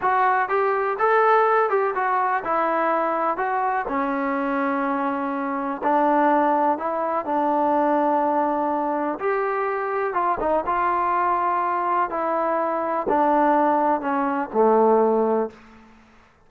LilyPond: \new Staff \with { instrumentName = "trombone" } { \time 4/4 \tempo 4 = 124 fis'4 g'4 a'4. g'8 | fis'4 e'2 fis'4 | cis'1 | d'2 e'4 d'4~ |
d'2. g'4~ | g'4 f'8 dis'8 f'2~ | f'4 e'2 d'4~ | d'4 cis'4 a2 | }